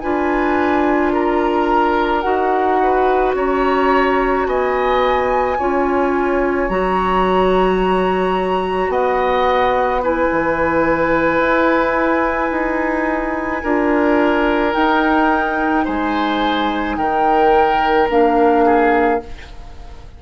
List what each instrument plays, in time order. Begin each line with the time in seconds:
0.00 bassoon D4, clarinet F4, oboe B4, flute G#5
1.13 oboe A#4, flute A#5
2.21 bassoon D#4, clarinet F#4, flute F#5
2.83 oboe B4
3.35 bassoon C#4, oboe C#5, flute A#5
4.46 bassoon B3, oboe D#5, flute G#5
5.59 bassoon C#4, clarinet F4, oboe C#5
6.69 bassoon F#3, clarinet F#4, flute A#5
8.89 bassoon B3, oboe D#5, flute F#5
10.02 clarinet E4, oboe B4, flute G#5
10.32 bassoon E3
11.39 bassoon E4
12.52 bassoon D#4
13.63 bassoon D4, clarinet F4, oboe A#4
14.73 clarinet D#4, bassoon D#4, flute G5
15.85 bassoon G#3, oboe C5, flute G#5
16.97 bassoon D#3, oboe A#4, flute G5
18.09 bassoon A#3, clarinet D4, flute F5
18.66 oboe G#4